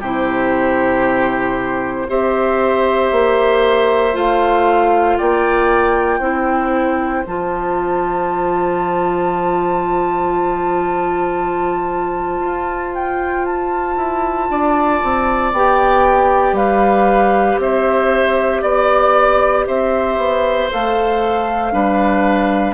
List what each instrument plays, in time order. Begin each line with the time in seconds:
0.00 bassoon C3, clarinet E4, oboe G4, flute C5
2.07 bassoon C4, clarinet G4, oboe C5, flute E5
3.11 bassoon A#3
4.13 bassoon A3, clarinet F4, flute F5
5.17 bassoon A#3, oboe D5, flute G5
6.19 bassoon C4, clarinet E4, oboe C5
7.26 bassoon F3, clarinet F4, flute A5
12.40 bassoon F4
12.94 flute G5
13.45 flute A5
13.96 bassoon E4
14.49 bassoon D4, oboe D5
15.03 bassoon C4
15.52 bassoon B3, clarinet G4, flute G5
16.52 bassoon G3, oboe B4, flute F5
17.58 bassoon C4, oboe C5, flute E5
18.61 bassoon B3, oboe D5, flute D5
19.66 bassoon C4, oboe C5, flute E5
20.17 bassoon B3
20.70 bassoon A3, clarinet A4, flute F5
21.72 bassoon G3, clarinet D4, oboe B4